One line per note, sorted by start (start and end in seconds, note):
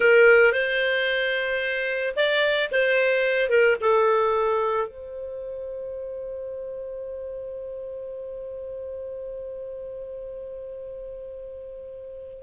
0.00 0.52 A#4
0.52 2.14 C5
2.16 2.70 D5
2.71 3.49 C5
3.49 3.76 A#4
3.80 4.87 A4
4.87 12.42 C5